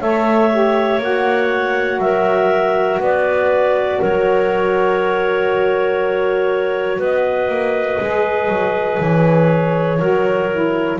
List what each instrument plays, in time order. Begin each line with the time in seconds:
0.00 double bass A3, saxophone A4, clarinet C#5 E5
0.50 saxophone G4
0.98 double bass A#3, saxophone F#4, clarinet F#5
1.98 double bass F#3, clarinet A#4 E5
2.99 double bass B3, clarinet B4 D5
3.99 double bass F#3, clarinet A#4 C#5
6.98 double bass B3, clarinet B4 D#5
7.48 double bass A#3
8.00 double bass G#3, saxophone G#4
8.48 double bass F#3
8.99 double bass E3, clarinet C#5
9.98 double bass F#3, saxophone F#4, clarinet A#4
10.51 saxophone E4